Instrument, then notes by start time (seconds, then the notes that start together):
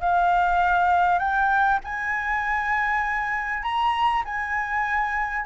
flute
0.00 F5
1.19 G5
1.84 G#5
3.63 A#5
4.25 G#5